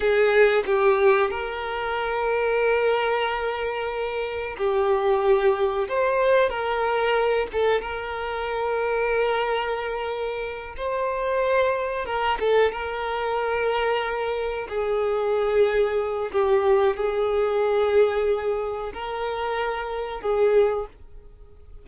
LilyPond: \new Staff \with { instrumentName = "violin" } { \time 4/4 \tempo 4 = 92 gis'4 g'4 ais'2~ | ais'2. g'4~ | g'4 c''4 ais'4. a'8 | ais'1~ |
ais'8 c''2 ais'8 a'8 ais'8~ | ais'2~ ais'8 gis'4.~ | gis'4 g'4 gis'2~ | gis'4 ais'2 gis'4 | }